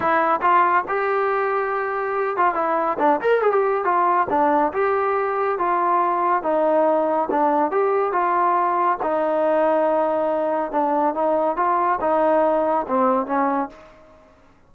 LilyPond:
\new Staff \with { instrumentName = "trombone" } { \time 4/4 \tempo 4 = 140 e'4 f'4 g'2~ | g'4. f'8 e'4 d'8 ais'8 | gis'16 g'8. f'4 d'4 g'4~ | g'4 f'2 dis'4~ |
dis'4 d'4 g'4 f'4~ | f'4 dis'2.~ | dis'4 d'4 dis'4 f'4 | dis'2 c'4 cis'4 | }